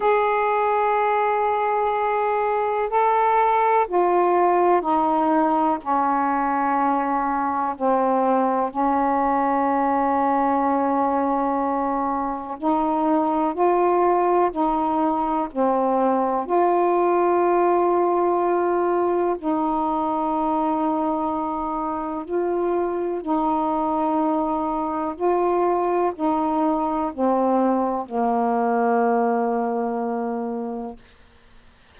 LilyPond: \new Staff \with { instrumentName = "saxophone" } { \time 4/4 \tempo 4 = 62 gis'2. a'4 | f'4 dis'4 cis'2 | c'4 cis'2.~ | cis'4 dis'4 f'4 dis'4 |
c'4 f'2. | dis'2. f'4 | dis'2 f'4 dis'4 | c'4 ais2. | }